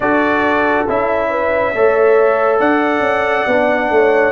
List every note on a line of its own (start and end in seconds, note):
0.00 0.84 D4
0.00 0.87 F#4
0.00 1.29 A4
0.00 0.87 D5
0.87 1.74 C#4
0.87 1.74 E4
0.87 2.60 E5
1.29 1.73 B4
1.74 2.60 A3
1.74 3.48 A4
1.74 2.59 C#5
2.59 3.00 D4
2.59 3.89 D5
2.59 4.32 F#5
3.00 3.43 C#4
3.47 3.90 B3
3.47 4.32 D4
3.90 4.32 A3
3.90 4.32 C#5